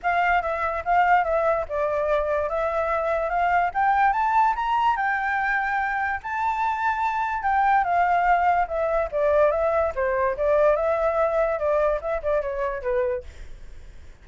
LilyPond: \new Staff \with { instrumentName = "flute" } { \time 4/4 \tempo 4 = 145 f''4 e''4 f''4 e''4 | d''2 e''2 | f''4 g''4 a''4 ais''4 | g''2. a''4~ |
a''2 g''4 f''4~ | f''4 e''4 d''4 e''4 | c''4 d''4 e''2 | d''4 e''8 d''8 cis''4 b'4 | }